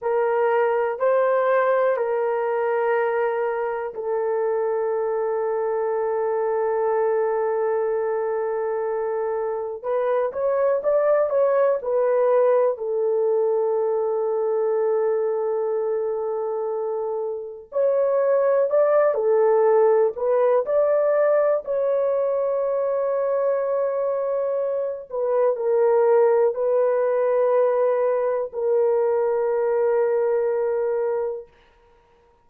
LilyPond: \new Staff \with { instrumentName = "horn" } { \time 4/4 \tempo 4 = 61 ais'4 c''4 ais'2 | a'1~ | a'2 b'8 cis''8 d''8 cis''8 | b'4 a'2.~ |
a'2 cis''4 d''8 a'8~ | a'8 b'8 d''4 cis''2~ | cis''4. b'8 ais'4 b'4~ | b'4 ais'2. | }